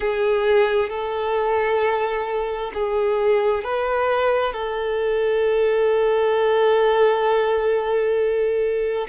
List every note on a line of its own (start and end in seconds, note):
0.00 0.89 G#4
0.89 2.71 A4
2.74 3.64 G#4
3.64 4.53 B4
4.53 9.07 A4